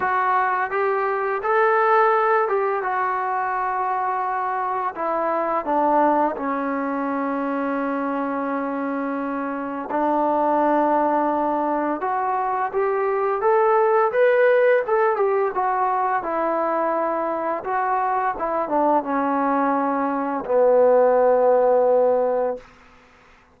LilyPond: \new Staff \with { instrumentName = "trombone" } { \time 4/4 \tempo 4 = 85 fis'4 g'4 a'4. g'8 | fis'2. e'4 | d'4 cis'2.~ | cis'2 d'2~ |
d'4 fis'4 g'4 a'4 | b'4 a'8 g'8 fis'4 e'4~ | e'4 fis'4 e'8 d'8 cis'4~ | cis'4 b2. | }